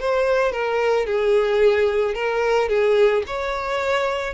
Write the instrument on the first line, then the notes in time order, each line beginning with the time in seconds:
violin
0.00 C5
0.53 A#4
1.06 G#4
2.15 A#4
2.69 G#4
3.27 C#5